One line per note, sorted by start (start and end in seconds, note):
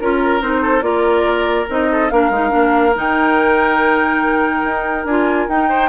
0.00 0.42 C#4
0.00 0.41 F4
0.00 0.42 A#4
0.00 0.62 A#4
0.41 0.81 C4
0.41 0.81 D#4
0.41 0.82 C5
0.62 0.83 A4
0.81 1.66 A#3
0.81 1.66 F4
0.81 1.91 A#4
0.81 1.66 D5
1.69 2.11 C4
1.69 2.11 D#4
1.69 2.10 D#5
1.92 2.12 A4
2.10 2.30 A#3
2.10 2.32 D4
2.10 5.69 A#4
2.10 2.95 F5
2.30 2.51 G#3
2.30 2.49 D#4
2.49 2.96 A#3
2.49 2.92 D4
2.95 4.64 D#3
2.95 5.06 D#4
2.95 5.06 G5
4.64 5.05 D#4
5.05 5.47 D4
5.05 5.49 F4
5.05 5.48 G#5
5.48 5.89 D#4
5.48 5.89 G5
5.69 5.89 C5